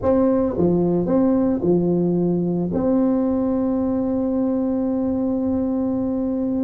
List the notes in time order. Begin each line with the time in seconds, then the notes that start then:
0.02 C4
0.57 F3
1.06 C4
1.61 F3
2.73 C4